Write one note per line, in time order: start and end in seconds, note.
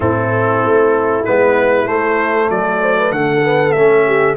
0.00 0.62 A2
0.00 1.23 C4
0.00 2.47 E4
0.00 1.24 A4
0.64 1.26 A3
1.24 1.86 G#3
1.24 1.85 B3
1.24 1.87 B4
1.85 3.41 A3
1.85 2.48 A3
1.85 2.49 C5
2.49 3.11 F#3
2.49 2.81 A4
2.49 3.12 D5
2.81 2.97 C5
2.97 3.13 B4
3.11 3.73 D3
3.11 4.07 A4
3.11 3.72 F#5
3.44 3.75 B3
3.72 4.37 A3
3.72 4.37 C#4
3.72 4.34 E5
4.07 4.37 G4